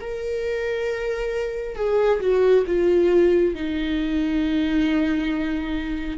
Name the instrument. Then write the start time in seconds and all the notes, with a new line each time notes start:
viola
0.00 A#4
1.75 G#4
2.20 F#4
2.67 F4
3.55 D#4